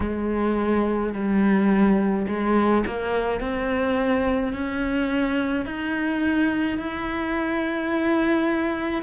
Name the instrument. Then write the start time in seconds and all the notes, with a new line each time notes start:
cello
0.00 G#3
1.13 G3
2.27 G#3
2.86 A#3
3.40 C4
4.52 C#4
5.65 D#4
6.78 E4